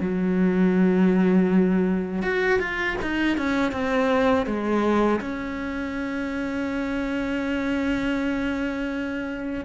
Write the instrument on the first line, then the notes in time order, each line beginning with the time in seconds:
cello
0.00 F#3
2.22 F#4
2.59 F4
3.02 D#4
3.37 C#4
3.72 C4
4.46 G#3
5.21 C#4